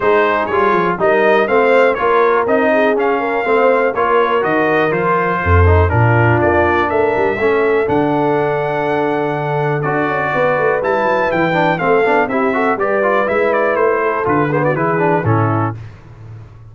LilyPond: <<
  \new Staff \with { instrumentName = "trumpet" } { \time 4/4 \tempo 4 = 122 c''4 cis''4 dis''4 f''4 | cis''4 dis''4 f''2 | cis''4 dis''4 c''2 | ais'4 d''4 e''2 |
fis''1 | d''2 a''4 g''4 | f''4 e''4 d''4 e''8 d''8 | c''4 b'8 c''16 d''16 b'4 a'4 | }
  \new Staff \with { instrumentName = "horn" } { \time 4/4 gis'2 ais'4 c''4 | ais'4. gis'4 ais'8 c''4 | ais'2. a'4 | f'2 ais'4 a'4~ |
a'1~ | a'4 b'2. | a'4 g'8 a'8 b'2~ | b'8 a'4 gis'16 fis'16 gis'4 e'4 | }
  \new Staff \with { instrumentName = "trombone" } { \time 4/4 dis'4 f'4 dis'4 c'4 | f'4 dis'4 cis'4 c'4 | f'4 fis'4 f'4. dis'8 | d'2. cis'4 |
d'1 | fis'2 e'4. d'8 | c'8 d'8 e'8 fis'8 g'8 f'8 e'4~ | e'4 f'8 b8 e'8 d'8 cis'4 | }
  \new Staff \with { instrumentName = "tuba" } { \time 4/4 gis4 g8 f8 g4 a4 | ais4 c'4 cis'4 a4 | ais4 dis4 f4 f,4 | ais,4 ais4 a8 g8 a4 |
d1 | d'8 cis'8 b8 a8 g8 fis8 e4 | a8 b8 c'4 g4 gis4 | a4 d4 e4 a,4 | }
>>